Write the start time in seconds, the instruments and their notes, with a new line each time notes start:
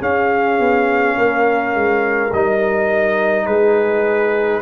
0.00 trombone C#4, tuba C#4, horn G#4, trumpet F5
0.59 tuba B3
1.17 tuba A#3, horn A#4
1.75 tuba G#3
2.33 tuba G3, trombone D#4, trumpet D#5
3.46 tuba G#3, horn G#4, trumpet B4